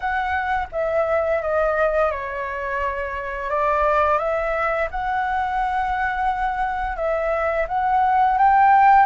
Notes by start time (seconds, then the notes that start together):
0.00 F#5
0.72 E5
1.42 D#5
2.11 C#5
3.49 D5
4.18 E5
4.90 F#5
6.96 E5
7.68 F#5
8.38 G5